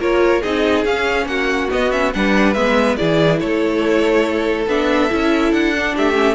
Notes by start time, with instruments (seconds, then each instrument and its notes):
0.00 cello A#3, viola F4, violin A#4 C#5
0.42 cello C4, viola D#4, violin G#4 D#5
0.85 cello C#4, viola C#4, violin F5
1.26 cello A#3, violin F#4 F#5
1.70 viola B3, cello B3, violin D#5
1.92 viola C#4, violin E5
2.14 cello G3, viola D4, violin B4 F#5
2.54 cello G#3, viola B3, violin E5
2.97 cello E3, viola E4, violin G#4 D5
3.40 cello A3, violin A4 C#5
4.67 cello B3, viola D4, violin E5
5.10 cello C#4, viola E4
5.52 cello D4, violin F#5
5.76 viola D4
5.96 cello A3, violin G4 E5
6.14 viola C#4